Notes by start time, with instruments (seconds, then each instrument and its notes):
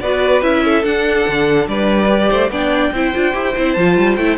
0.00 cello B3, viola F#4, violin B4 D5
0.42 cello C#4, viola E4, violin E5
0.64 violin A4
0.83 viola D4, cello D4, violin F#5
1.27 cello D3
1.67 cello G3, violin B4 D5
2.07 viola G4
2.29 cello A3, violin C5
2.49 cello B3, viola D4, violin D5 G5
2.92 cello C4, viola E4, violin C5
3.14 cello D4, viola F4
3.32 cello E4, viola G4
3.57 cello C4, viola E4
3.73 cello F3, viola F4, violin A5
3.97 cello G3
4.16 cello A3, viola E4, violin G5